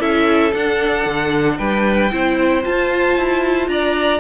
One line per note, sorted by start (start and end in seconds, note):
0.00 0.53 C#4
0.00 0.53 E4
0.00 1.58 A4
0.00 0.54 E5
0.53 2.11 D4
0.53 1.06 D4
0.53 1.58 F#5
1.06 1.59 D3
1.58 2.12 G3
1.58 2.12 B4
1.58 2.64 G5
2.12 2.65 C4
2.12 2.63 E4
2.12 3.70 C5
2.63 4.20 F4
2.63 3.18 F4
2.63 3.69 A5
3.18 3.68 E4
3.68 4.20 D4
3.68 4.20 D5
3.68 4.20 A#5